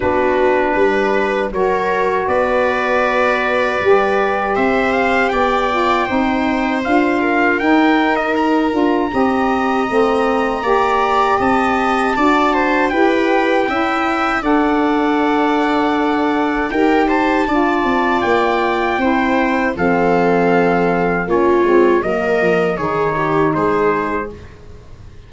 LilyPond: <<
  \new Staff \with { instrumentName = "trumpet" } { \time 4/4 \tempo 4 = 79 b'2 cis''4 d''4~ | d''2 e''8 f''8 g''4~ | g''4 f''4 g''8. dis''16 ais''4~ | ais''2. a''4~ |
a''4 g''2 fis''4~ | fis''2 g''8 a''4. | g''2 f''2 | cis''4 dis''4 cis''4 c''4 | }
  \new Staff \with { instrumentName = "viola" } { \time 4/4 fis'4 b'4 ais'4 b'4~ | b'2 c''4 d''4 | c''4. ais'2~ ais'8 | dis''2 d''4 dis''4 |
d''8 c''8 b'4 e''4 d''4~ | d''2 ais'8 c''8 d''4~ | d''4 c''4 a'2 | f'4 ais'4 gis'8 g'8 gis'4 | }
  \new Staff \with { instrumentName = "saxophone" } { \time 4/4 d'2 fis'2~ | fis'4 g'2~ g'8 f'8 | dis'4 f'4 dis'4. f'8 | g'4 c'4 g'2 |
fis'4 g'4 e'4 a'4~ | a'2 g'4 f'4~ | f'4 e'4 c'2 | cis'8 c'8 ais4 dis'2 | }
  \new Staff \with { instrumentName = "tuba" } { \time 4/4 b4 g4 fis4 b4~ | b4 g4 c'4 b4 | c'4 d'4 dis'4. d'8 | c'4 a4 ais4 c'4 |
d'4 e'4 cis'4 d'4~ | d'2 dis'4 d'8 c'8 | ais4 c'4 f2 | ais8 gis8 fis8 f8 dis4 gis4 | }
>>